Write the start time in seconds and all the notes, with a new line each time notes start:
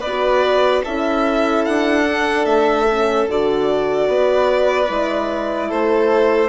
0.00 B3 B4 D5
0.06 F#4
0.83 C#4 E4 A4 E5
1.64 D4 F#5
2.06 D4
2.45 A3 E5
2.89 C#4
3.28 D3 F#4 D5
4.07 B3 B4
4.87 G#3 E4
5.68 A3 A4 C5